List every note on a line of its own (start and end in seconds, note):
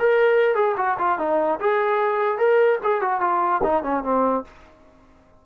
0.00 0.55 A#4
0.55 0.76 G#4
0.78 0.98 F#4
0.99 1.19 F4
1.19 1.60 D#4
1.61 2.39 G#4
2.39 2.79 A#4
2.84 3.02 G#4
3.02 3.21 F#4
3.21 3.62 F4
3.64 3.83 D#4
3.83 4.04 C#4
4.04 4.45 C4